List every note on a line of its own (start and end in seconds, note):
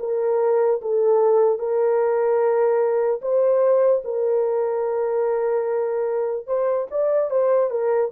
0.00 0.81 A#4
0.82 1.59 A4
1.59 3.21 A#4
3.22 4.03 C5
4.05 6.47 A#4
6.47 6.88 C5
6.91 7.30 D5
7.30 7.71 C5
7.71 8.11 A#4